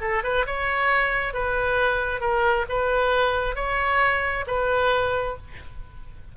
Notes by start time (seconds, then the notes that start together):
0.00 A4
0.23 B4
0.46 C#5
1.33 B4
2.20 A#4
2.68 B4
3.55 C#5
4.47 B4